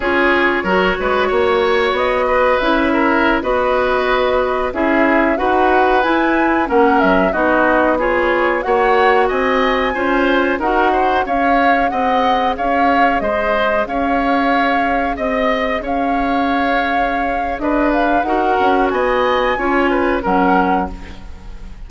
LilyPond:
<<
  \new Staff \with { instrumentName = "flute" } { \time 4/4 \tempo 4 = 92 cis''2. dis''4 | e''4~ e''16 dis''2 e''8.~ | e''16 fis''4 gis''4 fis''8 e''8 dis''8.~ | dis''16 cis''4 fis''4 gis''4.~ gis''16~ |
gis''16 fis''4 f''4 fis''4 f''8.~ | f''16 dis''4 f''2 dis''8.~ | dis''16 f''2~ f''8. dis''8 f''8 | fis''4 gis''2 fis''4 | }
  \new Staff \with { instrumentName = "oboe" } { \time 4/4 gis'4 ais'8 b'8 cis''4. b'8~ | b'8 ais'8. b'2 gis'8.~ | gis'16 b'2 ais'4 fis'8.~ | fis'16 gis'4 cis''4 dis''4 c''8.~ |
c''16 ais'8 c''8 cis''4 dis''4 cis''8.~ | cis''16 c''4 cis''2 dis''8.~ | dis''16 cis''2~ cis''8. b'4 | ais'4 dis''4 cis''8 b'8 ais'4 | }
  \new Staff \with { instrumentName = "clarinet" } { \time 4/4 f'4 fis'2. | e'4~ e'16 fis'2 e'8.~ | e'16 fis'4 e'4 cis'4 dis'8.~ | dis'16 f'4 fis'2 f'8.~ |
f'16 fis'4 gis'2~ gis'8.~ | gis'1~ | gis'1 | fis'2 f'4 cis'4 | }
  \new Staff \with { instrumentName = "bassoon" } { \time 4/4 cis'4 fis8 gis8 ais4 b4 | cis'4~ cis'16 b2 cis'8.~ | cis'16 dis'4 e'4 ais8 fis8 b8.~ | b4~ b16 ais4 c'4 cis'8.~ |
cis'16 dis'4 cis'4 c'4 cis'8.~ | cis'16 gis4 cis'2 c'8.~ | c'16 cis'2~ cis'8. d'4 | dis'8 cis'8 b4 cis'4 fis4 | }
>>